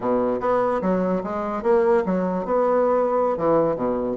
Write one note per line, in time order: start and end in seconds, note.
0.00 0.40 B2
0.40 0.81 B3
0.81 1.22 F#3
1.23 1.62 G#3
1.62 2.03 A#3
2.05 2.45 F#3
2.45 3.37 B3
3.37 3.76 E3
3.76 4.16 B2